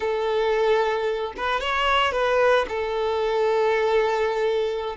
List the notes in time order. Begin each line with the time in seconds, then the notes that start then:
0.00 A4
1.36 B4
1.60 C#5
2.12 B4
2.68 A4